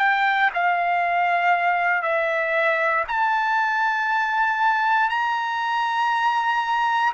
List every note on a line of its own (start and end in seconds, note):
0.00 0.51 G5
0.54 2.03 F5
2.03 3.05 E5
3.08 5.10 A5
5.10 7.13 A#5